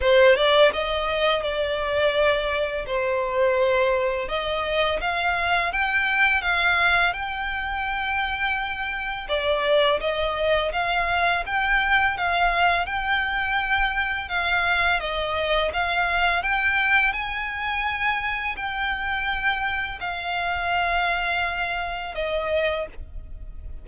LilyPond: \new Staff \with { instrumentName = "violin" } { \time 4/4 \tempo 4 = 84 c''8 d''8 dis''4 d''2 | c''2 dis''4 f''4 | g''4 f''4 g''2~ | g''4 d''4 dis''4 f''4 |
g''4 f''4 g''2 | f''4 dis''4 f''4 g''4 | gis''2 g''2 | f''2. dis''4 | }